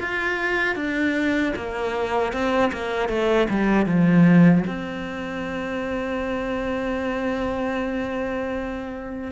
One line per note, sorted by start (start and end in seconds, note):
0.00 0.75 F4
0.75 1.53 D4
1.56 2.33 A#3
2.33 2.72 C4
2.72 3.09 A#3
3.09 3.48 A3
3.50 3.86 G3
3.86 4.64 F3
4.67 9.32 C4